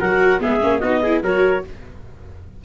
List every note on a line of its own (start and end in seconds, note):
0.00 0.41 F#3
0.00 0.40 F#4
0.00 0.41 A#4
0.00 0.41 F#5
0.40 0.63 G#3
0.40 0.60 B3
0.40 0.80 G#4
0.40 0.79 E5
0.61 0.82 A#3
0.61 0.81 C#4
0.79 1.23 B3
0.79 1.03 D#4
0.79 1.01 F#4
0.79 1.20 D#5
1.03 1.23 E4
1.03 1.23 G#4
1.23 1.63 F#3
1.23 1.64 F#4
1.23 1.64 A#4
1.23 1.65 C#5